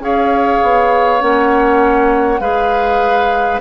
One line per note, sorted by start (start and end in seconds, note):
0.00 0.60 C#4
0.00 1.20 G#4
0.00 2.41 C#5
0.00 1.22 F5
0.62 1.22 B3
1.20 2.40 A#3
1.20 2.40 C#4
1.20 2.40 F#5
2.40 3.60 G#3
2.40 3.61 G#4
2.40 3.60 B4
2.40 3.60 F5